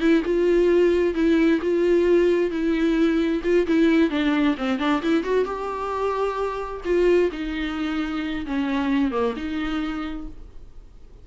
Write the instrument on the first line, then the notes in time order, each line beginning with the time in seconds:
viola
0.00 E4
0.25 F4
1.14 E4
1.62 F4
2.51 E4
3.44 F4
3.67 E4
4.10 D4
4.58 C4
4.79 D4
5.02 E4
5.24 F#4
5.45 G4
6.85 F4
7.32 D#4
8.46 C#4
9.11 A#3
9.36 D#4